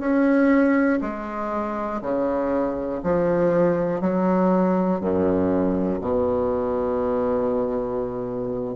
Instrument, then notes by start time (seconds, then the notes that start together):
bassoon
0.00 C#4
1.02 G#3
2.02 C#3
3.03 F3
4.01 F#3
5.00 F#2
6.01 B2